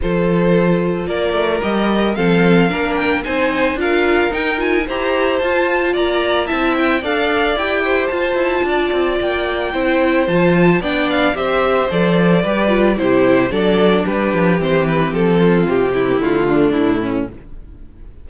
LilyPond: <<
  \new Staff \with { instrumentName = "violin" } { \time 4/4 \tempo 4 = 111 c''2 d''4 dis''4 | f''4. g''8 gis''4 f''4 | g''8 gis''8 ais''4 a''4 ais''4 | a''8 g''8 f''4 g''4 a''4~ |
a''4 g''2 a''4 | g''8 f''8 e''4 d''2 | c''4 d''4 b'4 c''8 b'8 | a'4 g'4 f'4 e'4 | }
  \new Staff \with { instrumentName = "violin" } { \time 4/4 a'2 ais'2 | a'4 ais'4 c''4 ais'4~ | ais'4 c''2 d''4 | e''4 d''4. c''4. |
d''2 c''2 | d''4 c''2 b'4 | g'4 a'4 g'2~ | g'8 f'4 e'4 d'4 cis'8 | }
  \new Staff \with { instrumentName = "viola" } { \time 4/4 f'2. g'4 | c'4 d'4 dis'4 f'4 | dis'8 f'8 g'4 f'2 | e'4 a'4 g'4 f'4~ |
f'2 e'4 f'4 | d'4 g'4 a'4 g'8 f'8 | e'4 d'2 c'4~ | c'4.~ c'16 ais16 a2 | }
  \new Staff \with { instrumentName = "cello" } { \time 4/4 f2 ais8 a8 g4 | f4 ais4 c'4 d'4 | dis'4 e'4 f'4 ais4 | c'4 d'4 e'4 f'8 e'8 |
d'8 c'8 ais4 c'4 f4 | b4 c'4 f4 g4 | c4 fis4 g8 f8 e4 | f4 c4 d4 a,4 | }
>>